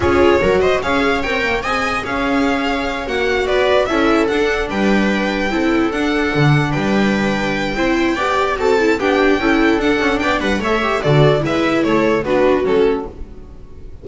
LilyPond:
<<
  \new Staff \with { instrumentName = "violin" } { \time 4/4 \tempo 4 = 147 cis''4. dis''8 f''4 g''4 | gis''4 f''2~ f''8 fis''8~ | fis''8 d''4 e''4 fis''4 g''8~ | g''2~ g''8 fis''4.~ |
fis''8 g''2.~ g''8~ | g''4 a''4 g''2 | fis''4 g''8 fis''8 e''4 d''4 | e''4 cis''4 b'4 a'4 | }
  \new Staff \with { instrumentName = "viola" } { \time 4/4 gis'4 ais'8 c''8 cis''2 | dis''4 cis''2.~ | cis''8 b'4 a'2 b'8~ | b'4. a'2~ a'8~ |
a'8 b'2~ b'8 c''4 | d''4 a'4 g'4 a'4~ | a'4 d''8 b'8 cis''4 a'4 | b'4 a'4 fis'2 | }
  \new Staff \with { instrumentName = "viola" } { \time 4/4 f'4 fis'4 gis'4 ais'4 | gis'2.~ gis'8 fis'8~ | fis'4. e'4 d'4.~ | d'4. e'4 d'4.~ |
d'2. e'4 | g'4 fis'8 e'8 d'4 e'4 | d'2 a'8 g'8 fis'4 | e'2 d'4 cis'4 | }
  \new Staff \with { instrumentName = "double bass" } { \time 4/4 cis'4 fis4 cis'4 c'8 ais8 | c'4 cis'2~ cis'8 ais8~ | ais8 b4 cis'4 d'4 g8~ | g4. c'4 d'4 d8~ |
d8 g2~ g8 c'4 | b4 c'4 b4 cis'4 | d'8 cis'8 b8 g8 a4 d4 | gis4 a4 b4 fis4 | }
>>